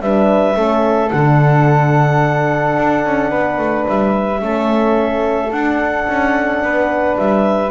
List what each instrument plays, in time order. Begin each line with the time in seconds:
0.00 double bass G3, horn D4, flute B4, clarinet E5
0.55 double bass A3, horn C#4, flute A4
1.10 double bass D3, horn D4, clarinet F#5
2.78 double bass D4
3.05 double bass C#4
3.30 double bass B3, flute B4
3.58 double bass A3
3.88 double bass G3, clarinet E5
4.39 double bass A3, horn C#4, flute A4
5.51 horn D4, double bass D4, clarinet F#5
6.08 double bass C#4
6.62 double bass B3, flute B4
7.17 double bass G3, clarinet E5